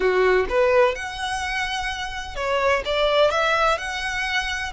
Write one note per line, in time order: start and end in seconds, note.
0.00 0.46 F#4
0.49 0.95 B4
0.95 2.35 F#5
2.35 2.83 C#5
2.85 3.30 D5
3.30 3.78 E5
3.78 4.72 F#5